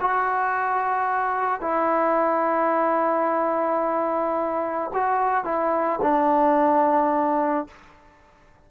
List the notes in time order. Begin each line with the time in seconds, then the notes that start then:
0.00 F#4
1.61 E4
4.93 F#4
5.44 E4
6.02 D4